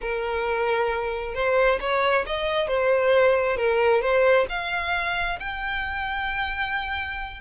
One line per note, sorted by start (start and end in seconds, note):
0.01 1.34 A#4
1.34 1.79 C5
1.80 2.25 C#5
2.26 2.67 D#5
2.67 3.57 C5
3.57 4.01 A#4
4.01 4.46 C5
4.49 5.39 F5
5.39 7.40 G5